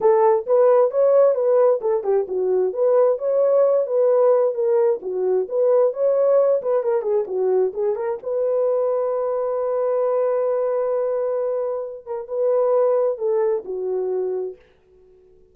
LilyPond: \new Staff \with { instrumentName = "horn" } { \time 4/4 \tempo 4 = 132 a'4 b'4 cis''4 b'4 | a'8 g'8 fis'4 b'4 cis''4~ | cis''8 b'4. ais'4 fis'4 | b'4 cis''4. b'8 ais'8 gis'8 |
fis'4 gis'8 ais'8 b'2~ | b'1~ | b'2~ b'8 ais'8 b'4~ | b'4 a'4 fis'2 | }